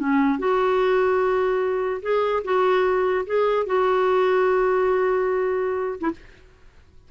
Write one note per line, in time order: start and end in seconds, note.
0.00 0.40 C#4
0.40 2.02 F#4
2.03 2.43 G#4
2.45 3.26 F#4
3.27 3.67 G#4
3.67 6.00 F#4
6.01 6.11 E4